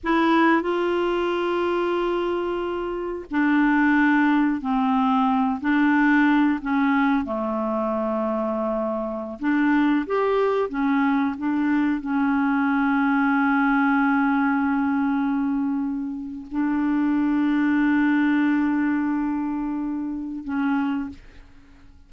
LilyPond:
\new Staff \with { instrumentName = "clarinet" } { \time 4/4 \tempo 4 = 91 e'4 f'2.~ | f'4 d'2 c'4~ | c'8 d'4. cis'4 a4~ | a2~ a16 d'4 g'8.~ |
g'16 cis'4 d'4 cis'4.~ cis'16~ | cis'1~ | cis'4 d'2.~ | d'2. cis'4 | }